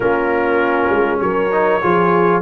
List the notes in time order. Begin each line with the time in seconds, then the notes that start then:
0.00 A#3 C#4 F4 A#4
0.90 G#3
1.20 F#3 A#4 C#5
1.51 D#4
1.81 F3 F4 G#4